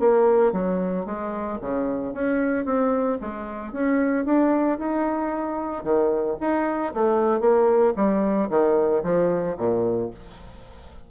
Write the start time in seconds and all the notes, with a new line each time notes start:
0.00 A#3
0.53 F#3
1.06 G#3
1.61 C#3
2.14 C#4
2.65 C4
3.21 G#3
3.73 C#4
4.26 D4
4.79 D#4
5.84 D#3
6.41 D#4
6.94 A3
7.41 A#3
7.96 G3
8.50 D#3
9.04 F3
9.58 A#2